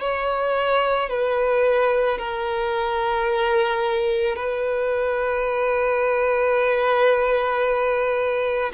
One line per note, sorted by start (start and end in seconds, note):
0.00 1.09 C#5
1.09 2.18 B4
2.18 4.35 A#4
4.35 8.72 B4